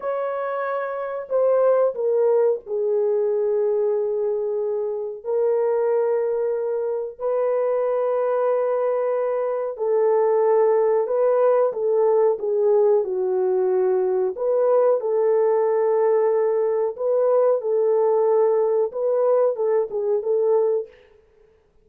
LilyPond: \new Staff \with { instrumentName = "horn" } { \time 4/4 \tempo 4 = 92 cis''2 c''4 ais'4 | gis'1 | ais'2. b'4~ | b'2. a'4~ |
a'4 b'4 a'4 gis'4 | fis'2 b'4 a'4~ | a'2 b'4 a'4~ | a'4 b'4 a'8 gis'8 a'4 | }